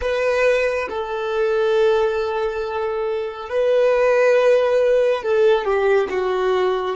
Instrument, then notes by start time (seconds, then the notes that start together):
violin
0.01 B4
0.89 A4
3.49 B4
5.23 A4
5.64 G4
6.09 F#4